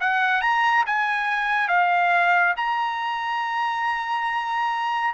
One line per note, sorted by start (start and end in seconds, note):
0.00 0.41 F#5
0.41 0.84 A#5
0.86 1.69 G#5
1.69 2.54 F5
2.57 5.14 A#5